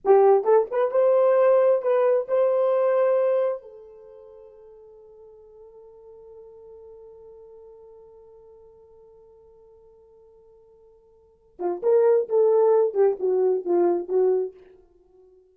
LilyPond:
\new Staff \with { instrumentName = "horn" } { \time 4/4 \tempo 4 = 132 g'4 a'8 b'8 c''2 | b'4 c''2. | a'1~ | a'1~ |
a'1~ | a'1~ | a'4. f'8 ais'4 a'4~ | a'8 g'8 fis'4 f'4 fis'4 | }